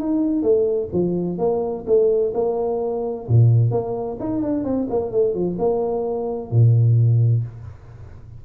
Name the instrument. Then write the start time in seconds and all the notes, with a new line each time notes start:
tuba
0.00 D#4
0.43 A3
0.93 F3
1.38 A#3
1.87 A3
2.34 A#3
3.28 A#2
3.71 A#3
4.20 D#4
4.42 D4
4.64 C4
4.90 A#3
5.11 A3
5.34 F3
5.59 A#3
6.51 A#2